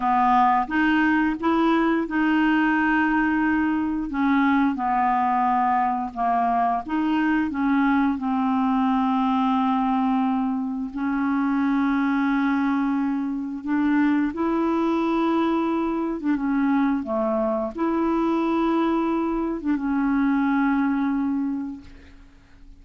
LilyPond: \new Staff \with { instrumentName = "clarinet" } { \time 4/4 \tempo 4 = 88 b4 dis'4 e'4 dis'4~ | dis'2 cis'4 b4~ | b4 ais4 dis'4 cis'4 | c'1 |
cis'1 | d'4 e'2~ e'8. d'16 | cis'4 a4 e'2~ | e'8. d'16 cis'2. | }